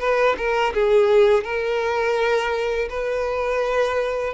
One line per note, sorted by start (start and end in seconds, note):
0.00 0.36 B4
0.37 0.74 A#4
0.75 1.44 G#4
1.44 2.89 A#4
2.89 4.34 B4